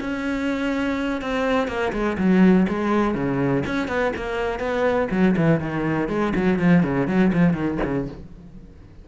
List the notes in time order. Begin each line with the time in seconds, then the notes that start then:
0.00 C#4
1.21 C4
1.68 A#3
1.92 G#3
2.18 F#3
2.69 G#3
3.15 C#3
3.66 C#4
3.88 B3
4.16 A#3
4.59 B3
5.11 F#3
5.36 E3
5.60 D#3
6.09 G#3
6.35 F#3
6.59 F3
6.83 C#3
7.07 F#3
7.33 F3
7.53 D#3
7.84 C#3